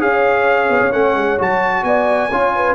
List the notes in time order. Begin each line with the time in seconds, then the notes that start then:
0.00 C#4 G#4 C#5 F5
0.69 B3
0.81 C#4
0.93 A3 C#4 F#5
1.15 G#3
1.39 F#3 F#4 A5
1.84 B3 D5 G#5
2.32 C#4 F4 C#5
2.56 B4